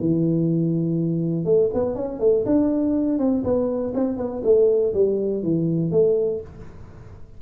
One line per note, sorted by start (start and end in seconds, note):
0.00 1.45 E3
1.45 1.70 A3
1.74 1.95 B3
1.95 2.20 C#4
2.20 2.45 A3
2.46 3.19 D4
3.19 3.43 C4
3.44 3.94 B3
3.95 4.18 C4
4.18 4.42 B3
4.44 4.93 A3
4.94 5.43 G3
5.43 5.92 E3
5.92 6.41 A3